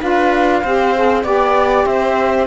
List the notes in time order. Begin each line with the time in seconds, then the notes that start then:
0.00 D4 F4 B4 F5
0.62 C4 G4 C5
0.95 G#4
1.23 B3 G4 D5
1.85 C4 C5 E5